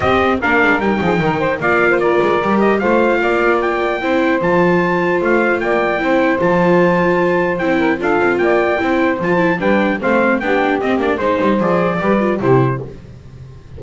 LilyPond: <<
  \new Staff \with { instrumentName = "trumpet" } { \time 4/4 \tempo 4 = 150 dis''4 f''4 g''2 | f''4 d''4. dis''8 f''4~ | f''4 g''2 a''4~ | a''4 f''4 g''2 |
a''2. g''4 | f''4 g''2 a''4 | g''4 f''4 g''4 dis''8 d''8 | c''4 d''2 c''4 | }
  \new Staff \with { instrumentName = "saxophone" } { \time 4/4 g'4 ais'4. gis'8 ais'8 c''8 | d''8. c''16 ais'2 c''4 | d''2 c''2~ | c''2 d''4 c''4~ |
c''2.~ c''8 ais'8 | a'4 d''4 c''2 | b'4 c''4 g'2 | c''2 b'4 g'4 | }
  \new Staff \with { instrumentName = "viola" } { \time 4/4 c'4 d'4 dis'2 | f'2 g'4 f'4~ | f'2 e'4 f'4~ | f'2. e'4 |
f'2. e'4 | f'2 e'4 f'8 e'8 | d'4 c'4 d'4 c'8 d'8 | dis'4 gis'4 g'8 f'8 e'4 | }
  \new Staff \with { instrumentName = "double bass" } { \time 4/4 c'4 ais8 gis8 g8 f8 dis4 | ais4. gis8 g4 a4 | ais2 c'4 f4~ | f4 a4 ais4 c'4 |
f2. c'4 | d'8 c'8 ais4 c'4 f4 | g4 a4 b4 c'8 ais8 | gis8 g8 f4 g4 c4 | }
>>